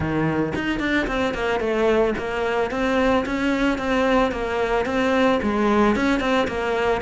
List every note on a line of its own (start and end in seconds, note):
0.00 0.53 D#3
0.55 0.79 D#4
0.79 1.06 D4
1.07 1.34 C4
1.34 1.60 A#3
1.60 2.14 A3
2.17 2.70 A#3
2.70 3.24 C4
3.25 3.77 C#4
3.77 4.31 C4
4.31 4.85 A#3
4.85 5.39 C4
5.42 5.95 G#3
5.95 6.20 C#4
6.20 6.47 C4
6.47 7.01 A#3